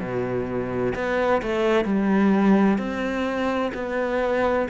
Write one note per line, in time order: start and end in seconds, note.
0.00 0.94 B2
0.95 1.42 B3
1.42 1.85 A3
1.85 2.78 G3
2.78 3.72 C4
3.75 4.68 B3